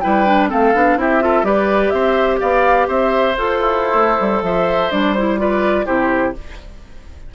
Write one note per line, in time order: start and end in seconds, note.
0.00 0.52 G3
0.00 0.26 E4
0.00 0.50 B4
0.00 0.48 G5
0.26 0.49 D4
0.49 0.74 A3
0.49 0.73 C4
0.49 0.98 A4
0.49 1.00 F5
0.74 0.97 B3
0.74 0.98 D4
0.97 1.43 C4
0.97 1.21 E4
0.97 1.24 G4
0.97 1.45 E5
1.21 1.44 F4
1.21 1.46 A4
1.43 1.91 G3
1.43 3.34 G4
1.43 1.94 B4
1.43 1.90 D5
1.90 2.41 C4
1.90 2.40 C5
1.90 2.38 E5
2.40 2.88 B3
2.40 2.88 D5
2.40 2.88 F5
2.88 3.36 C4
2.88 3.59 C5
2.88 3.37 E5
3.37 3.94 F4
3.37 4.92 A4
3.37 4.44 C5
3.59 4.42 E4
3.94 4.18 A3
4.20 4.42 G3
4.42 4.90 F3
4.42 5.41 C5
4.42 4.91 E5
4.91 5.87 G3
4.91 5.15 D4
4.91 5.13 D5
5.13 5.38 E4
5.13 5.37 C5
5.38 5.86 F4
5.38 5.86 B4
5.38 5.86 D5
5.86 6.35 C3
5.86 6.33 E4
5.86 6.34 G4
5.86 6.34 C5